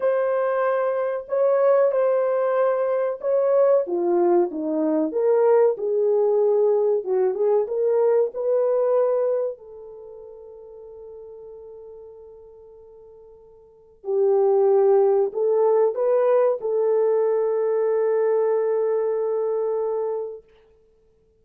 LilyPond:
\new Staff \with { instrumentName = "horn" } { \time 4/4 \tempo 4 = 94 c''2 cis''4 c''4~ | c''4 cis''4 f'4 dis'4 | ais'4 gis'2 fis'8 gis'8 | ais'4 b'2 a'4~ |
a'1~ | a'2 g'2 | a'4 b'4 a'2~ | a'1 | }